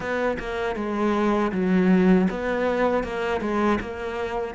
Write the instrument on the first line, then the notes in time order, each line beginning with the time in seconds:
cello
0.00 B3
0.39 A#3
0.75 G#3
1.52 F#3
2.30 B3
3.03 A#3
3.40 G#3
3.80 A#3